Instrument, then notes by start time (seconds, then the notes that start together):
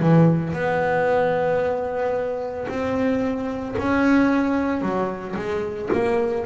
double bass
0.00 E3
0.53 B3
2.69 C4
3.78 C#4
4.82 F#3
5.36 G#3
5.93 A#3